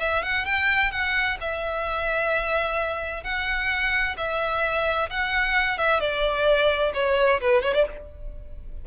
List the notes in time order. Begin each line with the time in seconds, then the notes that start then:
0.00 E5
0.23 F#5
0.46 G5
0.92 F#5
1.41 E5
3.24 F#5
4.17 E5
5.10 F#5
5.78 E5
6.00 D5
6.94 C#5
7.41 B4
7.63 C#5
7.75 D5